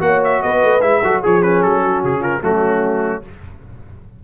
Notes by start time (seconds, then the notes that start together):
0.00 A#3 F#4 C#5 F#5
0.24 E5
0.42 B3 B4 D#5
0.64 A3
0.81 G#3 E4 E5
1.04 F#3 F#4 A4
1.21 F3 G#4 C#5
1.42 C#4 B4
1.62 F#3 A4
1.83 F#4
2.03 C#3 G#4
2.20 F4 A#4
2.41 F#3 A3 C#4 F#4